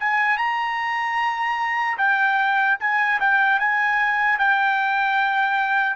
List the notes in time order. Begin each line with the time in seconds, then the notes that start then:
0.00 G#5
0.37 A#5
1.98 G5
2.80 G#5
3.20 G5
3.60 G#5
4.39 G5